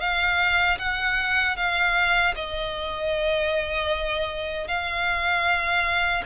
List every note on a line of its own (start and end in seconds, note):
0.00 0.78 F5
0.78 1.56 F#5
1.57 2.34 F5
2.35 4.68 D#5
4.68 6.23 F5